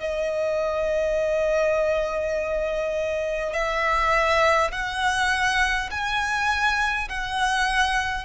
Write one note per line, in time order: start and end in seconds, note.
0.00 3.53 D#5
3.53 4.71 E5
4.72 5.89 F#5
5.90 7.08 G#5
7.09 8.25 F#5